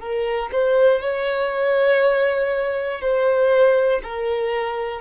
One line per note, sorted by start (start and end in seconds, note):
0.00 0.50 A#4
0.52 1.01 C5
1.01 3.01 C#5
3.01 4.01 C5
4.03 5.01 A#4